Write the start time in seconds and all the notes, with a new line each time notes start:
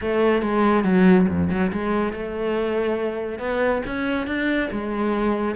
0.01 A3
0.42 G#3
0.84 F#3
1.29 F2
1.50 F#3
1.72 G#3
2.13 A3
3.39 B3
3.86 C#4
4.26 D4
4.71 G#3